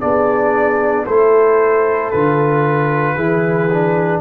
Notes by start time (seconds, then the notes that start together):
0.00 B3 D4 G#4 D5
1.07 A3 E4 A4 C5
2.11 D3 F4 B4
3.16 E3 E4 G#4
3.73 D4